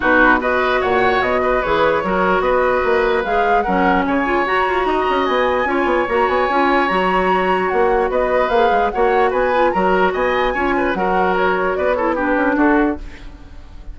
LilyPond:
<<
  \new Staff \with { instrumentName = "flute" } { \time 4/4 \tempo 4 = 148 b'4 dis''4 fis''4 dis''4 | cis''2 dis''2 | f''4 fis''4 gis''4 ais''4~ | ais''4 gis''2 ais''8 gis''8~ |
gis''4 ais''2 fis''4 | dis''4 f''4 fis''4 gis''4 | ais''4 gis''2 fis''4 | cis''4 d''8 cis''8 b'4 a'4 | }
  \new Staff \with { instrumentName = "oboe" } { \time 4/4 fis'4 b'4 cis''4. b'8~ | b'4 ais'4 b'2~ | b'4 ais'4 cis''2 | dis''2 cis''2~ |
cis''1 | b'2 cis''4 b'4 | ais'4 dis''4 cis''8 b'8 ais'4~ | ais'4 b'8 a'8 g'4 fis'4 | }
  \new Staff \with { instrumentName = "clarinet" } { \time 4/4 dis'4 fis'2. | gis'4 fis'2. | gis'4 cis'4. f'8 fis'4~ | fis'2 f'4 fis'4 |
f'4 fis'2.~ | fis'4 gis'4 fis'4. f'8 | fis'2 f'4 fis'4~ | fis'4. e'8 d'2 | }
  \new Staff \with { instrumentName = "bassoon" } { \time 4/4 b,2 ais,4 b,4 | e4 fis4 b4 ais4 | gis4 fis4 cis4 fis'8 f'8 | dis'8 cis'8 b4 cis'8 b8 ais8 b8 |
cis'4 fis2 ais4 | b4 ais8 gis8 ais4 b4 | fis4 b4 cis'4 fis4~ | fis4 b4. cis'8 d'4 | }
>>